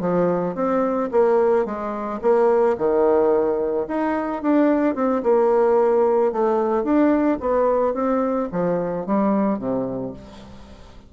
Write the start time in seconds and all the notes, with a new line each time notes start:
0.00 F3
0.55 C4
1.11 A#3
1.65 G#3
2.21 A#3
2.77 D#3
3.88 D#4
4.42 D4
4.95 C4
5.23 A#3
6.32 A3
6.84 D4
7.40 B3
7.94 C4
8.51 F3
9.06 G3
9.58 C3